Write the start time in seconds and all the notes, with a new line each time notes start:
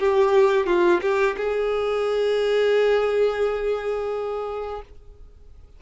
0.00 G4
0.67 F4
1.02 G4
1.38 G#4